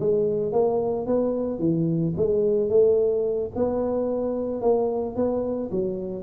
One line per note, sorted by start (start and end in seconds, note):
0.00 0.53 G#3
0.53 1.07 A#3
1.07 1.59 B3
1.59 2.14 E3
2.17 2.70 G#3
2.70 3.51 A3
3.56 4.62 B3
4.62 5.16 A#3
5.16 5.70 B3
5.71 6.24 F#3